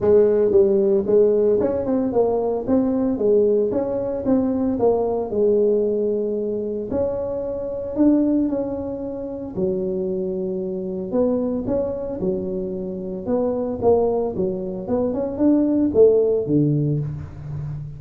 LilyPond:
\new Staff \with { instrumentName = "tuba" } { \time 4/4 \tempo 4 = 113 gis4 g4 gis4 cis'8 c'8 | ais4 c'4 gis4 cis'4 | c'4 ais4 gis2~ | gis4 cis'2 d'4 |
cis'2 fis2~ | fis4 b4 cis'4 fis4~ | fis4 b4 ais4 fis4 | b8 cis'8 d'4 a4 d4 | }